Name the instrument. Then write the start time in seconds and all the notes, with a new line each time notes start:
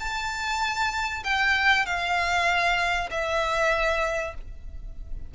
violin
0.00 A5
1.24 G5
1.86 F5
3.11 E5